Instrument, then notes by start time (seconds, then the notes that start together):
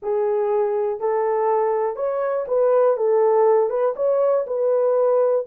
horn
0.02 G#4
0.99 A4
1.96 C#5
2.47 B4
2.96 A4
3.69 B4
3.96 C#5
4.46 B4